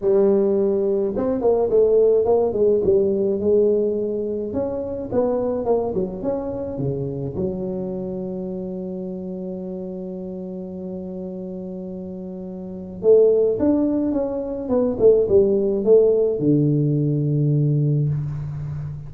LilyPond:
\new Staff \with { instrumentName = "tuba" } { \time 4/4 \tempo 4 = 106 g2 c'8 ais8 a4 | ais8 gis8 g4 gis2 | cis'4 b4 ais8 fis8 cis'4 | cis4 fis2.~ |
fis1~ | fis2. a4 | d'4 cis'4 b8 a8 g4 | a4 d2. | }